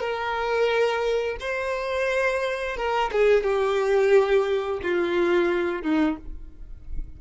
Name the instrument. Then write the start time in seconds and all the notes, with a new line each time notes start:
violin
0.00 A#4
1.40 C5
2.76 A#4
3.12 G#4
3.43 G4
4.82 F4
5.82 D#4